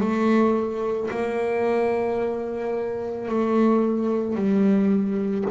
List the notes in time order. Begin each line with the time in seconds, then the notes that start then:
0.00 A3
1.10 A#3
3.28 A3
4.35 G3